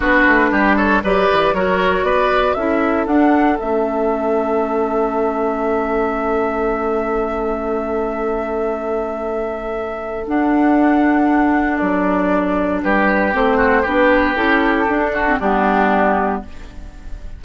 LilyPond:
<<
  \new Staff \with { instrumentName = "flute" } { \time 4/4 \tempo 4 = 117 b'4. cis''8 d''4 cis''4 | d''4 e''4 fis''4 e''4~ | e''1~ | e''1~ |
e''1 | fis''2. d''4~ | d''4 b'4 c''4 b'4 | a'2 g'2 | }
  \new Staff \with { instrumentName = "oboe" } { \time 4/4 fis'4 g'8 a'8 b'4 ais'4 | b'4 a'2.~ | a'1~ | a'1~ |
a'1~ | a'1~ | a'4 g'4. fis'8 g'4~ | g'4. fis'8 d'2 | }
  \new Staff \with { instrumentName = "clarinet" } { \time 4/4 d'2 g'4 fis'4~ | fis'4 e'4 d'4 cis'4~ | cis'1~ | cis'1~ |
cis'1 | d'1~ | d'2 c'4 d'4 | e'4 d'8. c'16 b2 | }
  \new Staff \with { instrumentName = "bassoon" } { \time 4/4 b8 a8 g4 fis8 e8 fis4 | b4 cis'4 d'4 a4~ | a1~ | a1~ |
a1 | d'2. fis4~ | fis4 g4 a4 b4 | cis'4 d'4 g2 | }
>>